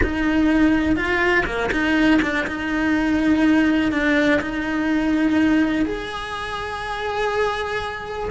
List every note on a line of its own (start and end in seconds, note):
0.02 0.96 D#4
0.96 1.44 F4
1.46 1.70 A#3
1.71 2.20 D#4
2.22 2.46 D4
2.47 3.91 D#4
3.91 4.40 D4
4.40 5.85 D#4
5.85 8.29 G#4